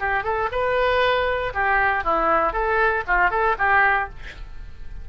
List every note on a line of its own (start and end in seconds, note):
0.00 0.24 G4
0.24 0.49 A4
0.52 1.53 B4
1.54 2.04 G4
2.04 2.53 E4
2.53 3.04 A4
3.07 3.31 F4
3.31 3.56 A4
3.58 4.09 G4